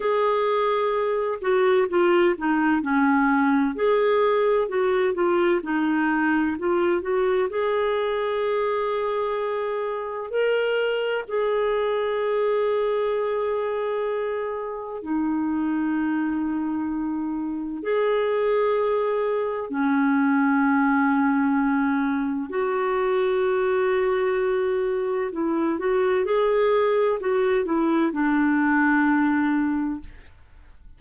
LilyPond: \new Staff \with { instrumentName = "clarinet" } { \time 4/4 \tempo 4 = 64 gis'4. fis'8 f'8 dis'8 cis'4 | gis'4 fis'8 f'8 dis'4 f'8 fis'8 | gis'2. ais'4 | gis'1 |
dis'2. gis'4~ | gis'4 cis'2. | fis'2. e'8 fis'8 | gis'4 fis'8 e'8 d'2 | }